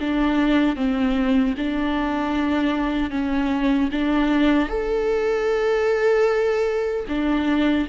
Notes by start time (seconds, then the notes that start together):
0.00 D4
0.76 C4
1.57 D4
3.10 C#4
3.91 D4
4.68 A4
7.08 D4